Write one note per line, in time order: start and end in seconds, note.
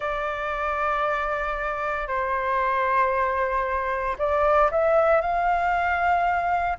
0.00 2.07 D5
2.07 4.16 C5
4.18 4.70 D5
4.71 5.21 E5
5.21 6.77 F5